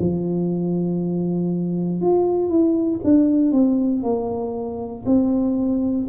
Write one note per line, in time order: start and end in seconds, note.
0.00 2.02 F3
2.02 2.49 F4
2.49 3.00 E4
3.04 3.52 D4
3.52 4.03 C4
4.03 5.05 A#3
5.06 6.08 C4